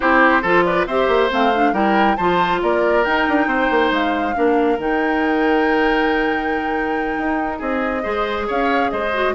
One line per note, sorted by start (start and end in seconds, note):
0.00 0.43 C4
0.00 0.42 E4
0.00 0.42 G4
0.00 0.64 C5
0.42 0.86 F3
0.42 0.88 F4
0.42 0.63 A4
0.64 0.87 B4
0.64 0.86 D5
0.86 1.08 C4
0.86 1.30 G4
0.86 1.73 C5
0.86 1.30 E5
1.08 1.29 A#3
1.30 1.72 A3
1.30 1.52 C4
1.30 1.74 F5
1.55 1.73 D4
1.72 2.16 G3
1.72 2.16 E4
1.72 2.16 A#4
1.72 2.16 G5
2.16 2.62 F3
2.16 3.04 F4
2.16 2.60 C5
2.16 2.59 A5
2.62 3.05 A#3
2.62 3.47 A#4
2.62 3.04 D5
3.04 4.34 D#4
3.04 3.27 D#4
3.04 3.91 G5
3.28 3.46 D4
3.46 3.68 C4
3.46 4.34 C5
3.70 3.90 A#3
3.90 4.34 G#3
3.90 4.80 F5
4.34 4.78 A#3
4.34 4.78 D4
4.34 7.58 A#4
4.78 7.17 D#3
4.78 8.03 D#4
4.78 7.59 G5
7.17 7.60 D#4
7.58 8.04 C4
7.58 8.02 G#4
7.58 8.46 D#5
8.03 8.48 G#3
8.03 9.11 G#4
8.03 8.46 C5
8.47 8.92 C#4
8.47 8.90 C#5
8.47 8.90 F5
8.90 9.34 G#3
8.90 9.34 C5
8.90 9.34 D#5
9.13 9.34 F#4